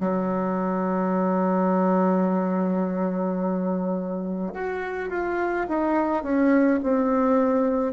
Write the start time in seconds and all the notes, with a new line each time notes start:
0.00 F#3
4.53 F#4
5.09 F4
5.68 D#4
6.23 C#4
6.82 C4